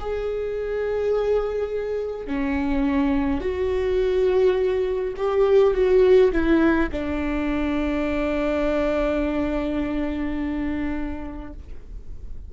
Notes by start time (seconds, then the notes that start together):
0.00 G#4
2.27 C#4
3.41 F#4
5.17 G4
5.74 F#4
6.33 E4
6.92 D4